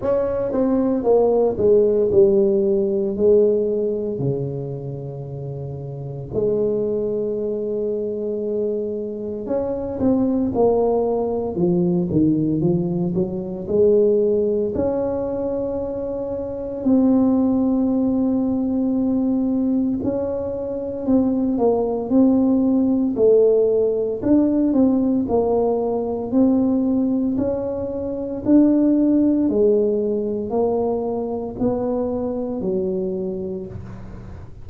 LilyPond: \new Staff \with { instrumentName = "tuba" } { \time 4/4 \tempo 4 = 57 cis'8 c'8 ais8 gis8 g4 gis4 | cis2 gis2~ | gis4 cis'8 c'8 ais4 f8 dis8 | f8 fis8 gis4 cis'2 |
c'2. cis'4 | c'8 ais8 c'4 a4 d'8 c'8 | ais4 c'4 cis'4 d'4 | gis4 ais4 b4 fis4 | }